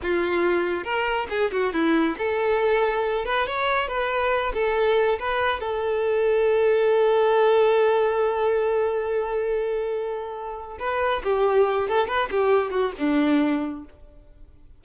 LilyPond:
\new Staff \with { instrumentName = "violin" } { \time 4/4 \tempo 4 = 139 f'2 ais'4 gis'8 fis'8 | e'4 a'2~ a'8 b'8 | cis''4 b'4. a'4. | b'4 a'2.~ |
a'1~ | a'1~ | a'4 b'4 g'4. a'8 | b'8 g'4 fis'8 d'2 | }